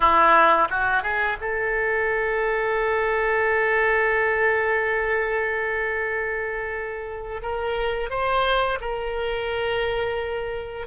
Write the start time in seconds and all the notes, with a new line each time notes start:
0.00 E4
0.70 F#4
1.03 G#4
1.40 A4
7.41 A#4
8.10 C5
8.81 A#4